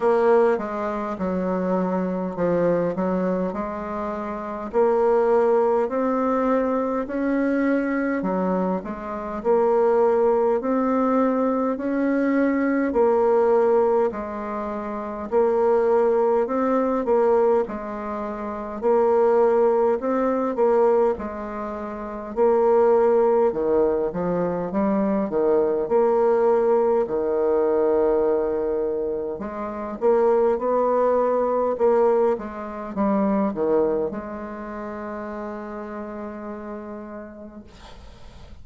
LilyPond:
\new Staff \with { instrumentName = "bassoon" } { \time 4/4 \tempo 4 = 51 ais8 gis8 fis4 f8 fis8 gis4 | ais4 c'4 cis'4 fis8 gis8 | ais4 c'4 cis'4 ais4 | gis4 ais4 c'8 ais8 gis4 |
ais4 c'8 ais8 gis4 ais4 | dis8 f8 g8 dis8 ais4 dis4~ | dis4 gis8 ais8 b4 ais8 gis8 | g8 dis8 gis2. | }